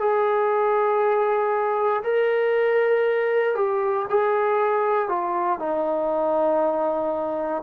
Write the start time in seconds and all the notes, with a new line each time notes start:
0.00 G#4
2.04 A#4
3.55 G4
4.10 G#4
5.09 F4
5.60 D#4